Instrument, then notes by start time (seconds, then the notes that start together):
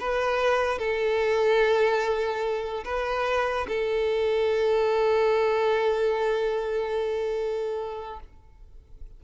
violin
0.00 B4
0.78 A4
2.84 B4
3.68 A4